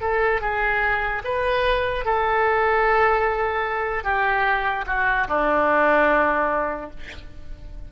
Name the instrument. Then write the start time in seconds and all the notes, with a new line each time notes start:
oboe
0.00 A4
0.41 G#4
1.24 B4
2.05 A4
4.04 G4
4.86 F#4
5.27 D4